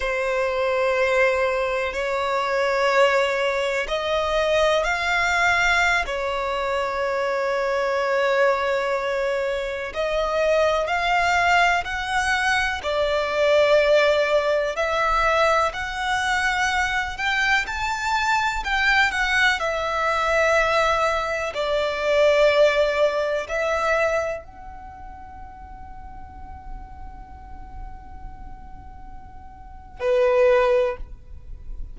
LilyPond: \new Staff \with { instrumentName = "violin" } { \time 4/4 \tempo 4 = 62 c''2 cis''2 | dis''4 f''4~ f''16 cis''4.~ cis''16~ | cis''2~ cis''16 dis''4 f''8.~ | f''16 fis''4 d''2 e''8.~ |
e''16 fis''4. g''8 a''4 g''8 fis''16~ | fis''16 e''2 d''4.~ d''16~ | d''16 e''4 fis''2~ fis''8.~ | fis''2. b'4 | }